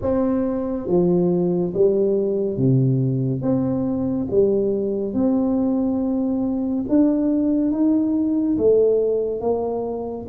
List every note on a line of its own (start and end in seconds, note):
0.01 0.87 C4
0.87 1.73 F3
1.74 2.57 G3
2.57 3.41 C3
3.41 4.27 C4
4.30 5.13 G3
5.13 6.85 C4
6.88 7.71 D4
7.71 8.57 D#4
8.57 9.41 A3
9.41 10.26 A#3